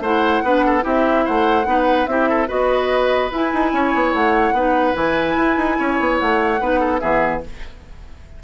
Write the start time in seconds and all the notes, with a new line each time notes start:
0.00 A3 E4 C5 F#5
0.43 B3 D4 B4
0.66 A4
0.81 C4 E4 G4 E5
1.25 A3 C5 F#5
1.65 B3 D#4 B4
2.07 C4 E4 G4 E5
2.29 A4
2.47 B3 F#4 B4 D#5
3.31 E4 G#5
3.53 D#4
3.73 C#4 C#5
3.94 B3
4.13 A3 F#5
4.52 B3 D#4 B4
4.94 E3 E4 G#5
5.36 E4
5.57 D#4
5.78 C#4 C#5
6.00 B3
6.19 A3 F#5
6.61 B3 D#4 B4
6.80 A4
6.99 E3 B3 G#4 E5